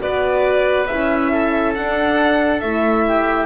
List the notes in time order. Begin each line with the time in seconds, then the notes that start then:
0.00 B3 F#4 B4 D5
0.87 C#4 E4 E5
1.32 A4
1.75 D4 F#5
2.61 A3 E4 E5
3.08 G4